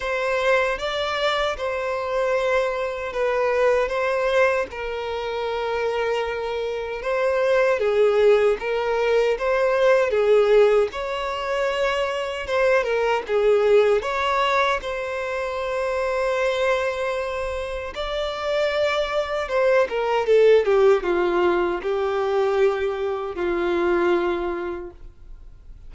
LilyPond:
\new Staff \with { instrumentName = "violin" } { \time 4/4 \tempo 4 = 77 c''4 d''4 c''2 | b'4 c''4 ais'2~ | ais'4 c''4 gis'4 ais'4 | c''4 gis'4 cis''2 |
c''8 ais'8 gis'4 cis''4 c''4~ | c''2. d''4~ | d''4 c''8 ais'8 a'8 g'8 f'4 | g'2 f'2 | }